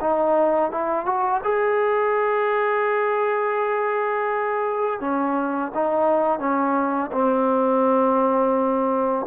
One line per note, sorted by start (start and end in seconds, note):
0.00 0.71 D#4
0.71 1.05 E4
1.05 1.41 F#4
1.44 5.00 G#4
5.00 5.72 C#4
5.74 6.39 D#4
6.39 7.10 C#4
7.12 9.26 C4